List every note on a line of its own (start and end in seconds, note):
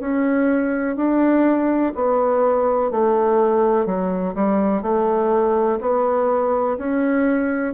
0.00 0.97 C#4
0.97 1.94 D4
1.95 2.91 B3
2.91 3.86 A3
3.86 4.35 F#3
4.35 4.83 G3
4.83 5.79 A3
5.81 6.77 B3
6.78 7.74 C#4